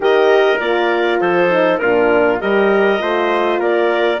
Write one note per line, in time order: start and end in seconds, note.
0.00 0.59 D#3
0.00 0.58 G4
0.00 1.21 A#4
0.00 0.59 D#5
0.59 1.20 A#3
0.59 1.49 F4
0.59 1.19 D5
1.20 1.80 F3
1.20 1.80 A4
1.20 1.78 C5
1.49 1.79 D#4
1.78 2.41 A#2
1.78 2.39 D4
1.78 2.41 F4
1.78 2.38 A#4
2.39 3.01 G3
2.39 2.98 G4
2.39 3.01 A#4
2.39 3.60 D#5
2.98 3.58 A3
2.98 4.18 F4
2.98 3.60 C5
3.58 4.19 A#3
3.58 4.20 A#4
3.58 4.20 D5